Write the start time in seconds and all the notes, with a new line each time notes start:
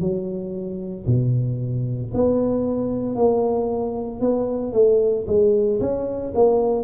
0.00 F#3
1.06 B2
2.13 B3
3.15 A#3
4.20 B3
4.72 A3
5.27 G#3
5.80 C#4
6.34 A#3